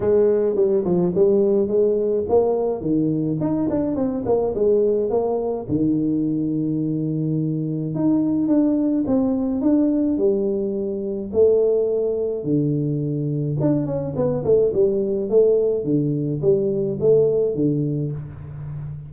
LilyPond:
\new Staff \with { instrumentName = "tuba" } { \time 4/4 \tempo 4 = 106 gis4 g8 f8 g4 gis4 | ais4 dis4 dis'8 d'8 c'8 ais8 | gis4 ais4 dis2~ | dis2 dis'4 d'4 |
c'4 d'4 g2 | a2 d2 | d'8 cis'8 b8 a8 g4 a4 | d4 g4 a4 d4 | }